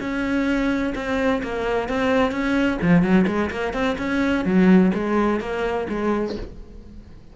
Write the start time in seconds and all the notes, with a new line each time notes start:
0.00 C#4
0.95 C4
1.43 A#3
1.88 C4
2.31 C#4
2.82 F3
3.02 F#3
3.27 G#3
3.50 A#3
3.73 C4
3.98 C#4
4.45 F#3
4.94 G#3
5.40 A#3
5.89 G#3